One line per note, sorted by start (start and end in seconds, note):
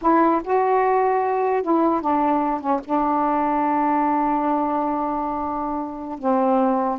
0.01 0.42 E4
0.44 1.62 F#4
1.62 2.01 E4
2.01 2.60 D4
2.60 2.80 C#4
2.84 6.18 D4
6.18 6.98 C4